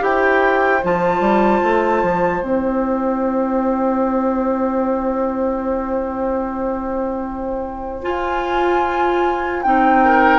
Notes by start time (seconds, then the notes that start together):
0.00 E4 G4 C5 G5
0.84 F3 F4 A5
1.21 G3
1.64 A3
2.03 F3
2.43 C4 E4 G5
8.03 F4 G#5
9.63 C4 D#4 G5
10.04 A#4